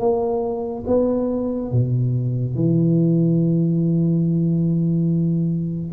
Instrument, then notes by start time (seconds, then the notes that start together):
tuba
0.00 A#3
0.88 B3
1.72 B2
2.56 E3